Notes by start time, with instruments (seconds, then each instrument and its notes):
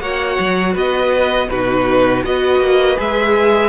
0.00 cello A#3, viola F#4, violin C#5 F#5
0.40 cello F#3
0.74 cello B3, violin B4 D#5
1.49 cello B2, viola D#4, violin F#4 B4
2.24 cello B3, viola F#4, violin B4 D#5
2.60 cello A#3
2.97 cello G#3, viola G#4, violin E5